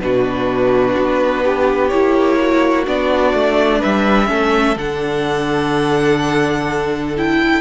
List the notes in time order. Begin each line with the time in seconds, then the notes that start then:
0.00 B2 D4 F#4 B4
0.97 B3
1.44 G4
1.89 A#3 E4 C#5
2.40 F#4
2.86 B3 D4 D5
3.34 A3
3.79 G3 B4 E5
4.27 A3 C#4 A4
4.76 D3 D4 F#5
7.17 E4 G5